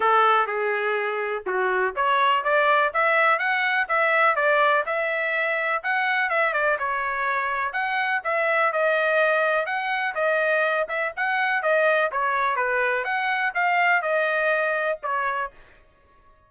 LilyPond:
\new Staff \with { instrumentName = "trumpet" } { \time 4/4 \tempo 4 = 124 a'4 gis'2 fis'4 | cis''4 d''4 e''4 fis''4 | e''4 d''4 e''2 | fis''4 e''8 d''8 cis''2 |
fis''4 e''4 dis''2 | fis''4 dis''4. e''8 fis''4 | dis''4 cis''4 b'4 fis''4 | f''4 dis''2 cis''4 | }